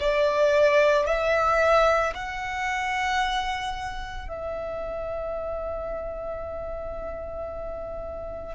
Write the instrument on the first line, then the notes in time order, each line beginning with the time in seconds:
violin
0.00 D5
1.06 E5
2.14 F#5
4.29 E5